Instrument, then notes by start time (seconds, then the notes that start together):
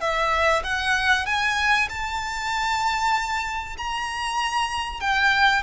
violin
0.00 E5
0.63 F#5
1.26 G#5
1.89 A5
3.78 A#5
5.00 G5